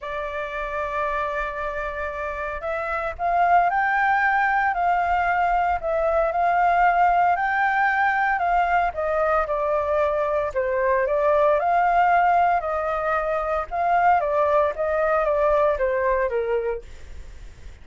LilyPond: \new Staff \with { instrumentName = "flute" } { \time 4/4 \tempo 4 = 114 d''1~ | d''4 e''4 f''4 g''4~ | g''4 f''2 e''4 | f''2 g''2 |
f''4 dis''4 d''2 | c''4 d''4 f''2 | dis''2 f''4 d''4 | dis''4 d''4 c''4 ais'4 | }